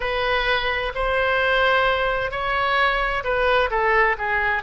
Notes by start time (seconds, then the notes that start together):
0.00 B4
0.95 C5
2.31 C#5
3.23 B4
3.70 A4
4.18 G#4